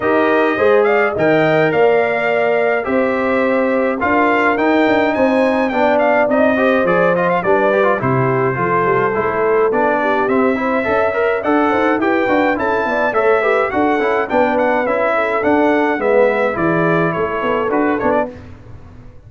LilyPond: <<
  \new Staff \with { instrumentName = "trumpet" } { \time 4/4 \tempo 4 = 105 dis''4. f''8 g''4 f''4~ | f''4 e''2 f''4 | g''4 gis''4 g''8 f''8 dis''4 | d''8 dis''16 f''16 d''4 c''2~ |
c''4 d''4 e''2 | fis''4 g''4 a''4 e''4 | fis''4 g''8 fis''8 e''4 fis''4 | e''4 d''4 cis''4 b'8 cis''16 d''16 | }
  \new Staff \with { instrumentName = "horn" } { \time 4/4 ais'4 c''8 d''8 dis''4 d''4~ | d''4 c''2 ais'4~ | ais'4 c''4 d''4. c''8~ | c''4 b'4 g'4 a'4~ |
a'4. g'4 c''8 e''4 | d''8 c''8 b'4 a'8 d''8 cis''8 b'8 | a'4 b'4. a'4. | b'4 gis'4 a'2 | }
  \new Staff \with { instrumentName = "trombone" } { \time 4/4 g'4 gis'4 ais'2~ | ais'4 g'2 f'4 | dis'2 d'4 dis'8 g'8 | gis'8 f'8 d'8 g'16 f'16 e'4 f'4 |
e'4 d'4 c'8 e'8 a'8 ais'8 | a'4 g'8 fis'8 e'4 a'8 g'8 | fis'8 e'8 d'4 e'4 d'4 | b4 e'2 fis'8 d'8 | }
  \new Staff \with { instrumentName = "tuba" } { \time 4/4 dis'4 gis4 dis4 ais4~ | ais4 c'2 d'4 | dis'8 d'8 c'4 b4 c'4 | f4 g4 c4 f8 g8 |
a4 b4 c'4 cis'4 | d'8 dis'8 e'8 d'8 cis'8 b8 a4 | d'8 cis'8 b4 cis'4 d'4 | gis4 e4 a8 b8 d'8 b8 | }
>>